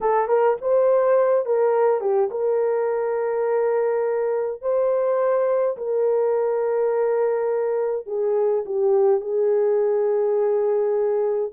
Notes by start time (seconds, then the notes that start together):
0.00 A4
0.28 A#4
0.61 C5
1.45 A#4
2.00 G4
2.31 A#4
4.61 C5
5.77 A#4
8.06 G#4
8.65 G4
9.20 G#4